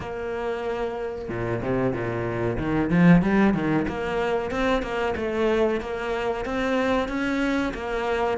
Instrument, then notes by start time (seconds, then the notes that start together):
cello
0.00 A#3
1.28 A#2
1.62 C3
1.93 A#2
2.58 D#3
2.89 F3
3.21 G3
3.54 D#3
3.88 A#3
4.50 C4
4.82 A#3
5.16 A3
5.80 A#3
6.45 C4
7.08 C#4
7.74 A#3